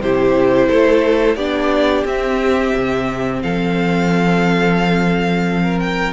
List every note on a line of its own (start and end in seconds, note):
0.00 0.68 C3
0.00 1.38 E4
0.00 0.68 G4
0.00 1.36 C5
0.68 1.36 A3
0.68 1.36 A4
1.36 2.04 B3
1.36 2.06 D4
1.36 3.41 G4
1.36 2.04 D5
2.05 2.73 C4
2.05 6.13 C4
2.05 3.42 E5
2.75 3.43 C3
3.42 6.13 F3
3.42 5.63 A4
3.42 5.79 F5
5.63 6.13 A#4
5.79 6.13 G5